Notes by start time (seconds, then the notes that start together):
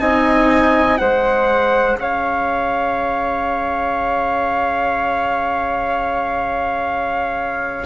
0.00 C4 D#4 D#5 G#5
0.98 G#3 G#4 C5 F#5
1.95 C#4 C#5 F5